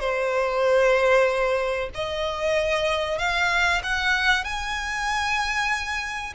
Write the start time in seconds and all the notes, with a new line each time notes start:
0.00 C5
1.95 D#5
3.18 F5
3.83 F#5
4.44 G#5